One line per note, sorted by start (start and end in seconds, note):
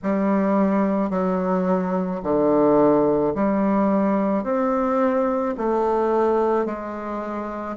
0.03 1.10 G3
1.10 2.21 F#3
2.23 3.34 D3
3.34 4.43 G3
4.43 5.55 C4
5.57 6.65 A3
6.65 7.76 G#3